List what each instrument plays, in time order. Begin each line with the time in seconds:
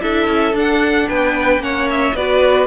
0.00 cello D4, viola E4, violin A4 E5
0.27 cello C#4
0.53 cello D4, viola D4
0.59 violin F#5
1.08 cello B3, violin B4 G5
1.58 cello A#3, viola C#4, violin C#5 F#5
1.89 violin E5
2.14 cello B3, viola F#4, violin B4 D5